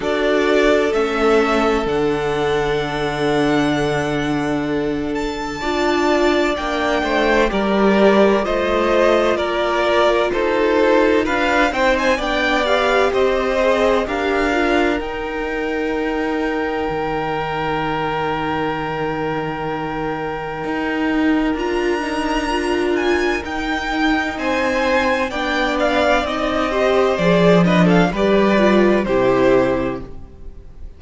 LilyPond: <<
  \new Staff \with { instrumentName = "violin" } { \time 4/4 \tempo 4 = 64 d''4 e''4 fis''2~ | fis''4. a''4. g''4 | d''4 dis''4 d''4 c''4 | f''8 g''16 gis''16 g''8 f''8 dis''4 f''4 |
g''1~ | g''2. ais''4~ | ais''8 gis''8 g''4 gis''4 g''8 f''8 | dis''4 d''8 dis''16 f''16 d''4 c''4 | }
  \new Staff \with { instrumentName = "violin" } { \time 4/4 a'1~ | a'2 d''4. c''8 | ais'4 c''4 ais'4 a'4 | b'8 c''8 d''4 c''4 ais'4~ |
ais'1~ | ais'1~ | ais'2 c''4 d''4~ | d''8 c''4 b'16 a'16 b'4 g'4 | }
  \new Staff \with { instrumentName = "viola" } { \time 4/4 fis'4 cis'4 d'2~ | d'2 f'4 d'4 | g'4 f'2.~ | f'8 dis'8 d'8 g'4 gis'8 g'8 f'8 |
dis'1~ | dis'2. f'8 dis'8 | f'4 dis'2 d'4 | dis'8 g'8 gis'8 d'8 g'8 f'8 e'4 | }
  \new Staff \with { instrumentName = "cello" } { \time 4/4 d'4 a4 d2~ | d2 d'4 ais8 a8 | g4 a4 ais4 dis'4 | d'8 c'8 b4 c'4 d'4 |
dis'2 dis2~ | dis2 dis'4 d'4~ | d'4 dis'4 c'4 b4 | c'4 f4 g4 c4 | }
>>